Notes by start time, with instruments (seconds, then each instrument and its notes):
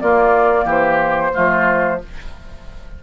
0.00 bassoon A#3, clarinet A#3, oboe F4, flute D5
0.64 bassoon E3, oboe G4, flute C5
1.33 bassoon F3, clarinet A3, oboe F4